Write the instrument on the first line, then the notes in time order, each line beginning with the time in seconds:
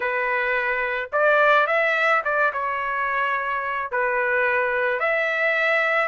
trumpet
0.00 B4
1.12 D5
1.66 E5
2.24 D5
2.53 C#5
3.91 B4
4.99 E5